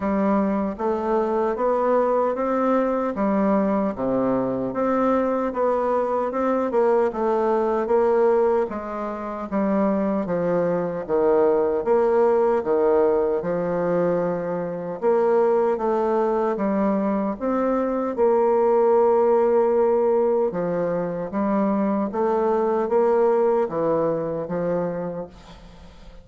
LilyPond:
\new Staff \with { instrumentName = "bassoon" } { \time 4/4 \tempo 4 = 76 g4 a4 b4 c'4 | g4 c4 c'4 b4 | c'8 ais8 a4 ais4 gis4 | g4 f4 dis4 ais4 |
dis4 f2 ais4 | a4 g4 c'4 ais4~ | ais2 f4 g4 | a4 ais4 e4 f4 | }